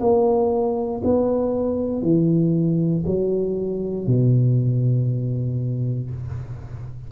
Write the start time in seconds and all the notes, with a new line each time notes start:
0.00 A#3
1.04 B3
2.02 E3
3.06 F#3
4.07 B2